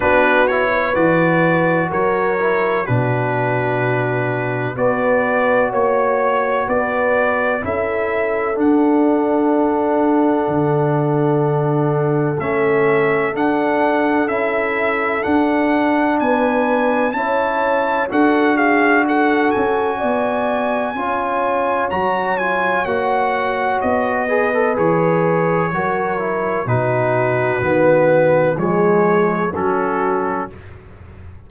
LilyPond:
<<
  \new Staff \with { instrumentName = "trumpet" } { \time 4/4 \tempo 4 = 63 b'8 cis''8 d''4 cis''4 b'4~ | b'4 d''4 cis''4 d''4 | e''4 fis''2.~ | fis''4 e''4 fis''4 e''4 |
fis''4 gis''4 a''4 fis''8 f''8 | fis''8 gis''2~ gis''8 ais''8 gis''8 | fis''4 dis''4 cis''2 | b'2 cis''4 a'4 | }
  \new Staff \with { instrumentName = "horn" } { \time 4/4 fis'8. b'4~ b'16 ais'4 fis'4~ | fis'4 b'4 cis''4 b'4 | a'1~ | a'1~ |
a'4 b'4 cis''4 a'8 gis'8 | a'4 d''4 cis''2~ | cis''4. b'4. ais'4 | fis'2 gis'4 fis'4 | }
  \new Staff \with { instrumentName = "trombone" } { \time 4/4 d'8 e'8 fis'4. e'8 d'4~ | d'4 fis'2. | e'4 d'2.~ | d'4 cis'4 d'4 e'4 |
d'2 e'4 fis'4~ | fis'2 f'4 fis'8 f'8 | fis'4. gis'16 a'16 gis'4 fis'8 e'8 | dis'4 b4 gis4 cis'4 | }
  \new Staff \with { instrumentName = "tuba" } { \time 4/4 b4 e4 fis4 b,4~ | b,4 b4 ais4 b4 | cis'4 d'2 d4~ | d4 a4 d'4 cis'4 |
d'4 b4 cis'4 d'4~ | d'8 cis'8 b4 cis'4 fis4 | ais4 b4 e4 fis4 | b,4 dis4 f4 fis4 | }
>>